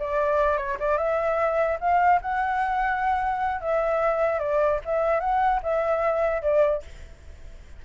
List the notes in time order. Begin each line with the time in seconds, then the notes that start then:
0.00 D5
0.58 C#5
0.80 D5
0.98 E5
1.81 F5
2.22 F#5
3.61 E5
4.40 D5
4.86 E5
5.21 F#5
5.63 E5
6.42 D5